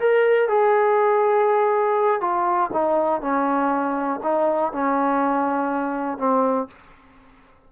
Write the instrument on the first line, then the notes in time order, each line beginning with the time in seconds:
trombone
0.00 A#4
0.49 G#4
2.21 F4
2.73 D#4
3.22 C#4
4.24 D#4
4.73 C#4
6.18 C4